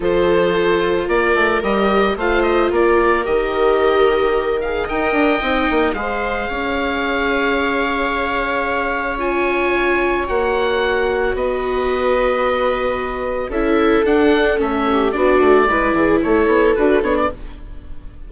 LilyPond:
<<
  \new Staff \with { instrumentName = "oboe" } { \time 4/4 \tempo 4 = 111 c''2 d''4 dis''4 | f''8 dis''8 d''4 dis''2~ | dis''8 f''8 g''2 f''4~ | f''1~ |
f''4 gis''2 fis''4~ | fis''4 dis''2.~ | dis''4 e''4 fis''4 e''4 | d''2 cis''4 b'8 cis''16 d''16 | }
  \new Staff \with { instrumentName = "viola" } { \time 4/4 a'2 ais'2 | c''4 ais'2.~ | ais'4 dis''2 c''4 | cis''1~ |
cis''1~ | cis''4 b'2.~ | b'4 a'2~ a'8 g'8 | fis'4 b'8 gis'8 a'2 | }
  \new Staff \with { instrumentName = "viola" } { \time 4/4 f'2. g'4 | f'2 g'2~ | g'8 gis'8 ais'4 dis'4 gis'4~ | gis'1~ |
gis'4 f'2 fis'4~ | fis'1~ | fis'4 e'4 d'4 cis'4 | d'4 e'2 fis'8 d'8 | }
  \new Staff \with { instrumentName = "bassoon" } { \time 4/4 f2 ais8 a8 g4 | a4 ais4 dis2~ | dis4 dis'8 d'8 c'8 ais8 gis4 | cis'1~ |
cis'2. ais4~ | ais4 b2.~ | b4 cis'4 d'4 a4 | b8 a8 gis8 e8 a8 b8 d'8 b8 | }
>>